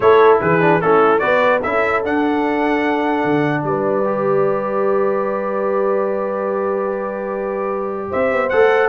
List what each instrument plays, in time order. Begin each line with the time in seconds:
0.00 tuba A3, trombone E4, horn A4, trumpet C#5
0.40 tuba E3, horn G#4, trumpet B4
0.60 trombone D4
0.81 tuba A3, trombone C#4, horn E4, trumpet A4
1.19 tuba B3, trombone F#4, horn B4, trumpet D5
1.61 tuba C#4, trombone E4, horn A4, trumpet E5
2.03 tuba D4, trombone D4, trumpet F#5
3.24 tuba D3
3.63 tuba G3, horn B4, trumpet D5
4.04 trombone G4
8.10 tuba C4, horn C5, trumpet E5
8.32 tuba B3
8.49 tuba A3, trombone A4, trumpet F#5